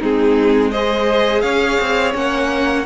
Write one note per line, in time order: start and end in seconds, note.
0.00 1.43 G#3
0.00 0.73 C4
0.00 0.71 D#4
0.00 0.71 G#4
0.71 2.13 G#4
0.71 1.43 C5
0.71 1.41 D#5
1.41 1.78 C#4
1.41 2.86 C#5
1.41 2.12 F5
1.80 2.14 C4
2.13 2.86 A#3
2.13 2.85 C#4
2.13 2.86 F#5